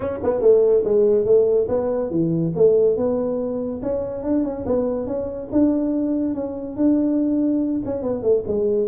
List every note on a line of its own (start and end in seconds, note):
0.00 0.19 C#4
0.23 0.41 B3
0.41 0.83 A3
0.84 1.25 G#3
1.25 1.67 A3
1.68 2.10 B3
2.10 2.52 E3
2.55 2.96 A3
2.96 3.81 B3
3.82 4.23 C#4
4.23 4.44 D4
4.44 4.65 C#4
4.66 5.06 B3
5.06 5.49 C#4
5.51 6.34 D4
6.34 6.76 C#4
6.76 7.82 D4
7.85 8.02 C#4
8.02 8.22 B3
8.22 8.43 A3
8.47 8.88 G#3